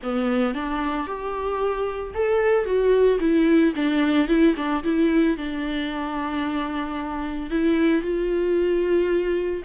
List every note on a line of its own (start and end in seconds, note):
0.02 0.54 B3
0.54 1.06 D4
1.06 2.13 G4
2.14 2.65 A4
2.65 3.18 F#4
3.20 3.73 E4
3.75 4.28 D4
4.28 4.55 E4
4.56 4.83 D4
4.83 5.37 E4
5.37 7.50 D4
7.50 8.02 E4
8.02 9.63 F4